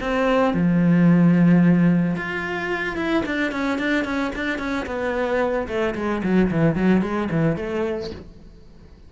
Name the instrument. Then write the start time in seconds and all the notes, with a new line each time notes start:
cello
0.00 C4
0.54 F3
2.16 F4
2.96 E4
3.26 D4
3.52 C#4
3.78 D4
4.05 C#4
4.35 D4
4.59 C#4
4.86 B3
5.68 A3
5.95 G#3
6.23 F#3
6.51 E3
6.75 F#3
7.01 G#3
7.31 E3
7.56 A3